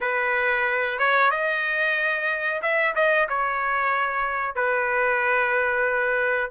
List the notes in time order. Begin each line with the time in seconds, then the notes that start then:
0.01 B4
0.98 C#5
1.30 D#5
2.61 E5
2.95 D#5
3.28 C#5
4.55 B4